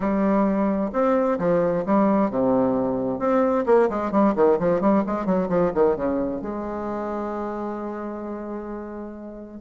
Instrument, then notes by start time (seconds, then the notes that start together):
bassoon
0.00 G3
0.92 C4
1.38 F3
1.85 G3
2.30 C3
3.19 C4
3.66 A#3
3.89 G#3
4.11 G3
4.35 D#3
4.59 F3
4.80 G3
5.06 G#3
5.25 F#3
5.48 F3
5.74 D#3
5.96 C#3
6.41 G#3